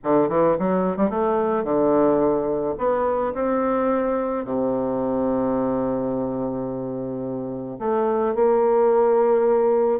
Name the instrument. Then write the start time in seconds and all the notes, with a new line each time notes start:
bassoon
0.03 D3
0.29 E3
0.58 F#3
0.96 G3
1.10 A3
1.64 D3
2.78 B3
3.33 C4
4.44 C3
7.79 A3
8.34 A#3